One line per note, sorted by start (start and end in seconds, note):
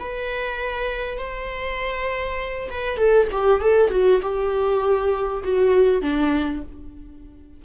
0.00 1.18 B4
1.18 2.70 C5
2.71 2.98 B4
2.98 3.28 A4
3.32 3.61 G4
3.61 3.91 A4
3.91 4.21 F#4
4.22 5.44 G4
5.44 6.02 F#4
6.02 6.63 D4